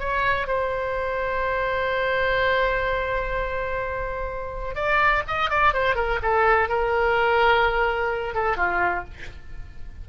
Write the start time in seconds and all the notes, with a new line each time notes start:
0.00 C#5
0.48 C5
4.76 D5
5.28 D#5
5.51 D5
5.74 C5
5.96 A#4
6.23 A4
6.69 A#4
8.35 A4
8.57 F4